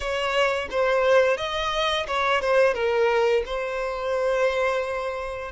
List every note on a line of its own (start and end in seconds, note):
0.00 0.68 C#5
0.70 1.37 C5
1.37 2.06 D#5
2.07 2.41 C#5
2.41 2.74 C5
2.74 3.43 A#4
3.45 5.51 C5